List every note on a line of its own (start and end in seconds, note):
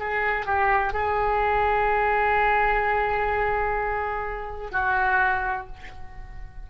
0.00 0.46 G#4
0.46 0.93 G4
0.93 4.72 G#4
4.72 5.67 F#4